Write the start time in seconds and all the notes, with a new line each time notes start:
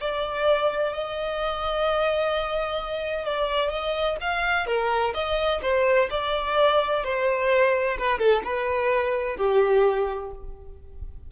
0.00 D5
0.93 D#5
3.24 D5
3.69 D#5
4.21 F5
4.66 A#4
5.14 D#5
5.61 C5
6.10 D5
7.04 C5
7.98 B4
8.19 A4
8.43 B4
9.36 G4